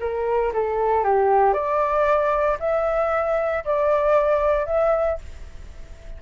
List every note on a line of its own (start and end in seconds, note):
0.00 0.52 A#4
0.53 1.04 A4
1.04 1.53 G4
1.53 2.57 D5
2.60 3.64 E5
3.65 4.66 D5
4.66 5.18 E5